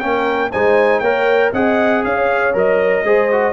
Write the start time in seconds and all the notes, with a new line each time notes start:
0.00 A#3 C#4 A#4 G5
0.52 G#3 D#4 C5 G#5
1.00 A#3 A#4 C#5 G5
1.52 C4 G#4 D#5 F#5
2.05 C#4 C#5 F5
2.54 F#3 A#4 D#5
3.04 G#3 G#4 C5
3.32 F#4